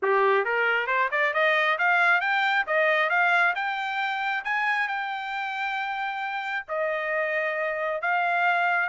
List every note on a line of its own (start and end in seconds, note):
0.02 0.44 G4
0.44 0.87 A#4
0.87 1.09 C5
1.11 1.33 D5
1.33 1.78 D#5
1.78 2.20 F5
2.20 2.65 G5
2.66 3.09 D#5
3.09 3.54 F5
3.55 4.44 G5
4.44 4.88 G#5
4.88 6.65 G5
6.68 8.01 D#5
8.01 8.89 F5